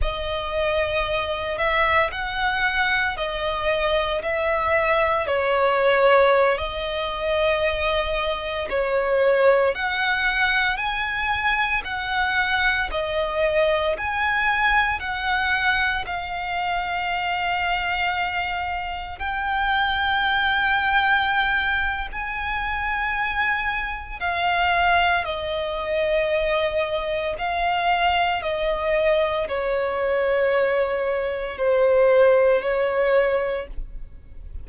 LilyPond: \new Staff \with { instrumentName = "violin" } { \time 4/4 \tempo 4 = 57 dis''4. e''8 fis''4 dis''4 | e''4 cis''4~ cis''16 dis''4.~ dis''16~ | dis''16 cis''4 fis''4 gis''4 fis''8.~ | fis''16 dis''4 gis''4 fis''4 f''8.~ |
f''2~ f''16 g''4.~ g''16~ | g''4 gis''2 f''4 | dis''2 f''4 dis''4 | cis''2 c''4 cis''4 | }